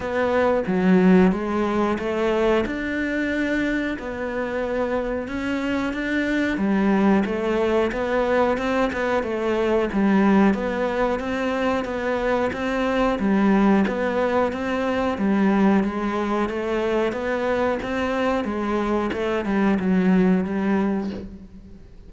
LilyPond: \new Staff \with { instrumentName = "cello" } { \time 4/4 \tempo 4 = 91 b4 fis4 gis4 a4 | d'2 b2 | cis'4 d'4 g4 a4 | b4 c'8 b8 a4 g4 |
b4 c'4 b4 c'4 | g4 b4 c'4 g4 | gis4 a4 b4 c'4 | gis4 a8 g8 fis4 g4 | }